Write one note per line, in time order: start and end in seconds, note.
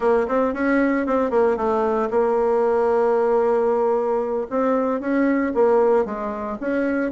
0.00 0.26 A#3
0.28 0.53 C4
0.53 1.06 C#4
1.06 1.30 C4
1.30 1.56 A#3
1.56 2.09 A3
2.10 4.47 A#3
4.50 5.00 C4
5.00 5.53 C#4
5.54 6.05 A#3
6.05 6.57 G#3
6.60 7.11 C#4